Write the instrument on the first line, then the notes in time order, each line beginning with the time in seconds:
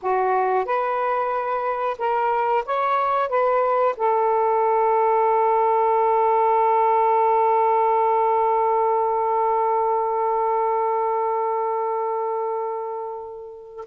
saxophone
0.02 F#4
0.65 B4
1.98 A#4
2.65 C#5
3.29 B4
3.96 A4